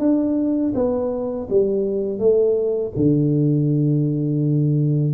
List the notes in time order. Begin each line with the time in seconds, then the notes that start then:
0.00 D4
0.75 B3
1.50 G3
2.19 A3
2.96 D3